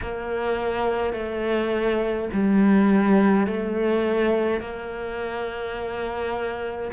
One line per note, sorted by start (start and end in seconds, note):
0.01 1.13 A#3
1.13 2.28 A3
2.32 3.46 G3
3.46 4.60 A3
4.60 6.91 A#3